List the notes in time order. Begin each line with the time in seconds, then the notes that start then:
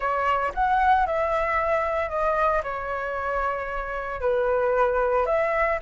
0.00 C#5
0.54 F#5
1.06 E5
2.09 D#5
2.63 C#5
4.21 B4
5.26 E5